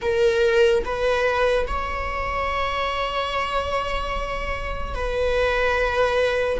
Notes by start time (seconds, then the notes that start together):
0.01 A#4
0.84 B4
1.67 C#5
4.94 B4